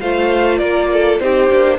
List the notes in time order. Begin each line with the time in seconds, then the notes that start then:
0.00 A3 F4 C5 F5
0.58 A#3 A#4 D5
0.93 A4
1.20 C4 D#4 G4 C5
1.50 A#3 D4